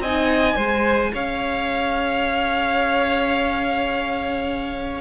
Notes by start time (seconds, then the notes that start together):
0.00 C4 D#5 G#5
0.06 D#4
0.56 G#3 G#4 C5
1.14 C#4 C#5 F5